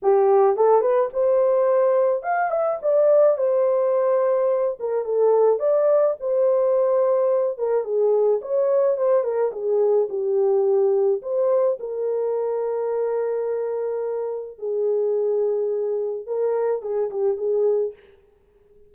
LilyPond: \new Staff \with { instrumentName = "horn" } { \time 4/4 \tempo 4 = 107 g'4 a'8 b'8 c''2 | f''8 e''8 d''4 c''2~ | c''8 ais'8 a'4 d''4 c''4~ | c''4. ais'8 gis'4 cis''4 |
c''8 ais'8 gis'4 g'2 | c''4 ais'2.~ | ais'2 gis'2~ | gis'4 ais'4 gis'8 g'8 gis'4 | }